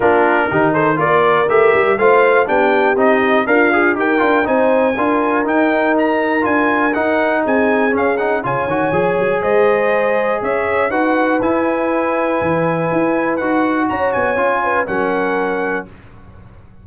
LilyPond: <<
  \new Staff \with { instrumentName = "trumpet" } { \time 4/4 \tempo 4 = 121 ais'4. c''8 d''4 e''4 | f''4 g''4 dis''4 f''4 | g''4 gis''2 g''4 | ais''4 gis''4 fis''4 gis''4 |
f''8 fis''8 gis''2 dis''4~ | dis''4 e''4 fis''4 gis''4~ | gis''2. fis''4 | ais''8 gis''4. fis''2 | }
  \new Staff \with { instrumentName = "horn" } { \time 4/4 f'4 g'8 a'8 ais'2 | c''4 g'2 f'4 | ais'4 c''4 ais'2~ | ais'2. gis'4~ |
gis'4 cis''2 c''4~ | c''4 cis''4 b'2~ | b'1 | cis''4. b'8 ais'2 | }
  \new Staff \with { instrumentName = "trombone" } { \time 4/4 d'4 dis'4 f'4 g'4 | f'4 d'4 dis'4 ais'8 gis'8 | g'8 f'8 dis'4 f'4 dis'4~ | dis'4 f'4 dis'2 |
cis'8 dis'8 f'8 fis'8 gis'2~ | gis'2 fis'4 e'4~ | e'2. fis'4~ | fis'4 f'4 cis'2 | }
  \new Staff \with { instrumentName = "tuba" } { \time 4/4 ais4 dis4 ais4 a8 g8 | a4 b4 c'4 d'4 | dis'8 d'8 c'4 d'4 dis'4~ | dis'4 d'4 dis'4 c'4 |
cis'4 cis8 dis8 f8 fis8 gis4~ | gis4 cis'4 dis'4 e'4~ | e'4 e4 e'4 dis'4 | cis'8 b8 cis'4 fis2 | }
>>